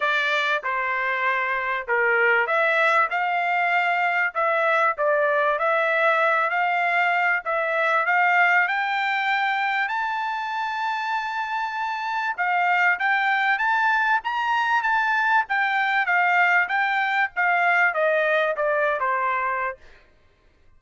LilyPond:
\new Staff \with { instrumentName = "trumpet" } { \time 4/4 \tempo 4 = 97 d''4 c''2 ais'4 | e''4 f''2 e''4 | d''4 e''4. f''4. | e''4 f''4 g''2 |
a''1 | f''4 g''4 a''4 ais''4 | a''4 g''4 f''4 g''4 | f''4 dis''4 d''8. c''4~ c''16 | }